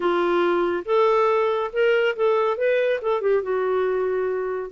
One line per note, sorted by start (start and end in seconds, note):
0.00 0.83 F4
0.85 1.70 A4
1.72 2.15 A#4
2.16 2.57 A4
2.57 2.99 B4
3.01 3.21 A4
3.21 3.42 G4
3.42 4.71 F#4